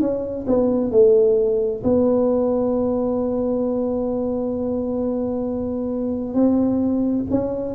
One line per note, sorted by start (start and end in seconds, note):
0.00 0.45 C#4
0.47 0.91 B3
0.91 1.82 A3
1.83 6.33 B3
6.33 7.24 C4
7.30 7.74 C#4